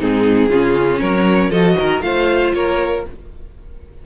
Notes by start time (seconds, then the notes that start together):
0.00 G#2 C4 D#4 G#4
0.50 C#3 C#4 F4
1.00 F#3 A#4 C#5
1.51 F3 F#4 A4 D#5
1.79 D#3 A#4
2.01 A3 F4 C5 F5
2.54 A#3 A#4 C#5